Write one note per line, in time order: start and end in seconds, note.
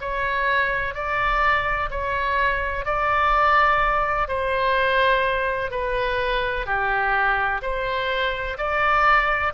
0.00 0.94 C#5
0.94 1.89 D5
1.90 2.85 C#5
2.85 4.28 D5
4.28 5.71 C5
5.71 6.65 B4
6.65 7.61 G4
7.61 8.57 C5
8.57 9.52 D5